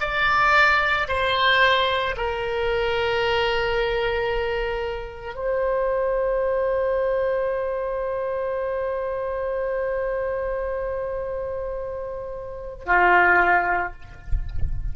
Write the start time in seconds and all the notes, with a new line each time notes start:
0.00 D5
1.08 C5
2.17 A#4
5.35 C5
12.86 F4